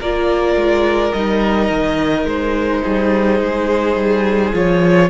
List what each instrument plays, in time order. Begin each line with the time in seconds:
0.00 cello A#3, viola F4, violin A#4 D5
0.56 cello G#3
1.13 cello G3, viola D#4, violin D#5
1.69 cello D#3
2.25 cello G#3, violin C5
2.83 cello G3, violin G#4
3.40 cello G#3
3.96 cello G3
4.53 cello F3, viola F4, violin C#5